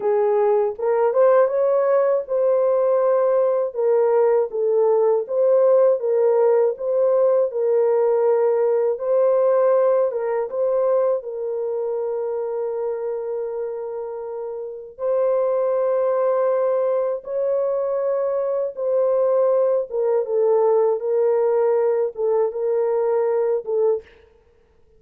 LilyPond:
\new Staff \with { instrumentName = "horn" } { \time 4/4 \tempo 4 = 80 gis'4 ais'8 c''8 cis''4 c''4~ | c''4 ais'4 a'4 c''4 | ais'4 c''4 ais'2 | c''4. ais'8 c''4 ais'4~ |
ais'1 | c''2. cis''4~ | cis''4 c''4. ais'8 a'4 | ais'4. a'8 ais'4. a'8 | }